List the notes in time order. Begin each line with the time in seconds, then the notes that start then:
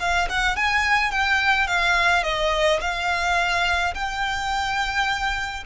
0.00 F5
0.30 F#5
0.57 G#5
1.12 G5
1.68 F5
2.24 D#5
2.81 F5
3.95 G5